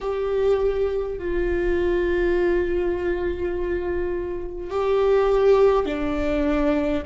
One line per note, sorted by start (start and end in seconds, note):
0.00 1.18 G4
1.18 4.70 F4
4.70 5.85 G4
5.85 7.03 D4